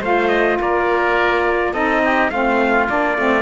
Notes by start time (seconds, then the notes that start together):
0.00 A3 F4 C5 F5
0.28 D#5
0.59 A#3 A#4 D5
1.73 C4 D#4 A4 D#5
2.04 G4
2.30 A3 C4 F4 F5
2.88 A#3 D4 D5
3.17 A3 C4